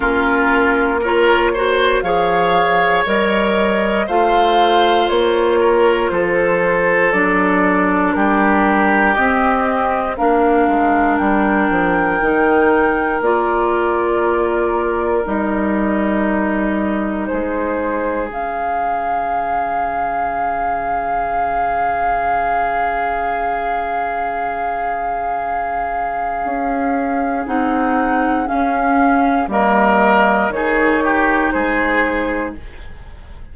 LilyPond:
<<
  \new Staff \with { instrumentName = "flute" } { \time 4/4 \tempo 4 = 59 ais'4 cis''4 f''4 dis''4 | f''4 cis''4 c''4 d''4 | ais'4 dis''4 f''4 g''4~ | g''4 d''2 dis''4~ |
dis''4 c''4 f''2~ | f''1~ | f''2. fis''4 | f''4 dis''4 cis''4 c''4 | }
  \new Staff \with { instrumentName = "oboe" } { \time 4/4 f'4 ais'8 c''8 cis''2 | c''4. ais'8 a'2 | g'2 ais'2~ | ais'1~ |
ais'4 gis'2.~ | gis'1~ | gis'1~ | gis'4 ais'4 gis'8 g'8 gis'4 | }
  \new Staff \with { instrumentName = "clarinet" } { \time 4/4 cis'4 f'8 fis'8 gis'4 ais'4 | f'2. d'4~ | d'4 c'4 d'2 | dis'4 f'2 dis'4~ |
dis'2 cis'2~ | cis'1~ | cis'2. dis'4 | cis'4 ais4 dis'2 | }
  \new Staff \with { instrumentName = "bassoon" } { \time 4/4 ais2 f4 g4 | a4 ais4 f4 fis4 | g4 c'4 ais8 gis8 g8 f8 | dis4 ais2 g4~ |
g4 gis4 cis2~ | cis1~ | cis2 cis'4 c'4 | cis'4 g4 dis4 gis4 | }
>>